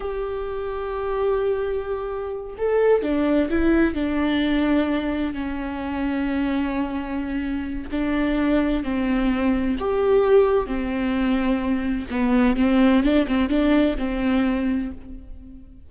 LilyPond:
\new Staff \with { instrumentName = "viola" } { \time 4/4 \tempo 4 = 129 g'1~ | g'4. a'4 d'4 e'8~ | e'8 d'2. cis'8~ | cis'1~ |
cis'4 d'2 c'4~ | c'4 g'2 c'4~ | c'2 b4 c'4 | d'8 c'8 d'4 c'2 | }